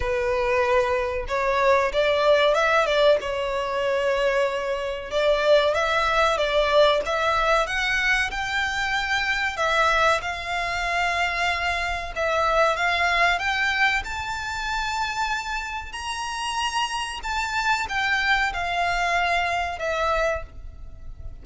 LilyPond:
\new Staff \with { instrumentName = "violin" } { \time 4/4 \tempo 4 = 94 b'2 cis''4 d''4 | e''8 d''8 cis''2. | d''4 e''4 d''4 e''4 | fis''4 g''2 e''4 |
f''2. e''4 | f''4 g''4 a''2~ | a''4 ais''2 a''4 | g''4 f''2 e''4 | }